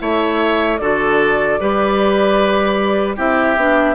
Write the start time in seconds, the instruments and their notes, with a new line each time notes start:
0.00 bassoon A3, clarinet E4, oboe C#5, flute E5
0.78 bassoon D3, clarinet F#4, oboe A4, flute D5
1.60 bassoon G3, clarinet G4, oboe B4
3.17 bassoon C4, clarinet E4, oboe G4, flute E5
3.57 bassoon B3, clarinet D4